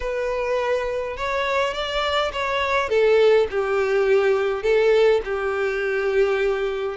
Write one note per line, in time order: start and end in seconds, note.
0.00 1.17 B4
1.17 1.73 C#5
1.73 2.31 D5
2.32 2.89 C#5
2.89 3.47 A4
3.50 4.63 G4
4.63 5.21 A4
5.24 6.96 G4